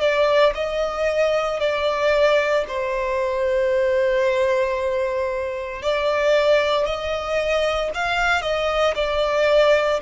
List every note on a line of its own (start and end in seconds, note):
0.00 0.53 D5
0.55 1.59 D#5
1.59 2.65 D5
2.67 5.82 C5
5.82 6.85 D5
6.85 7.90 D#5
7.94 8.41 F5
8.41 8.94 D#5
8.95 10.00 D5